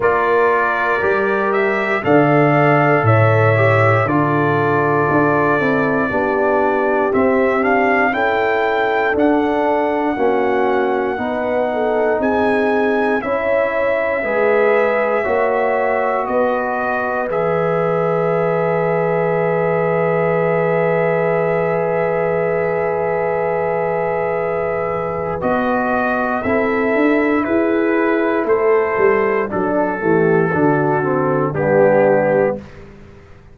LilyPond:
<<
  \new Staff \with { instrumentName = "trumpet" } { \time 4/4 \tempo 4 = 59 d''4. e''8 f''4 e''4 | d''2. e''8 f''8 | g''4 fis''2. | gis''4 e''2. |
dis''4 e''2.~ | e''1~ | e''4 dis''4 e''4 b'4 | c''4 a'2 g'4 | }
  \new Staff \with { instrumentName = "horn" } { \time 4/4 ais'2 d''4 cis''4 | a'2 g'2 | a'2 fis'4 b'8 a'8 | gis'4 cis''4 b'4 cis''4 |
b'1~ | b'1~ | b'2 a'4 gis'4 | a'4 d'8 g'8 fis'4 d'4 | }
  \new Staff \with { instrumentName = "trombone" } { \time 4/4 f'4 g'4 a'4. g'8 | f'4. e'8 d'4 c'8 d'8 | e'4 d'4 cis'4 dis'4~ | dis'4 e'4 gis'4 fis'4~ |
fis'4 gis'2.~ | gis'1~ | gis'4 fis'4 e'2~ | e'4 d'8 a8 d'8 c'8 b4 | }
  \new Staff \with { instrumentName = "tuba" } { \time 4/4 ais4 g4 d4 a,4 | d4 d'8 c'8 b4 c'4 | cis'4 d'4 ais4 b4 | c'4 cis'4 gis4 ais4 |
b4 e2.~ | e1~ | e4 b4 c'8 d'8 e'4 | a8 g8 fis8 e8 d4 g4 | }
>>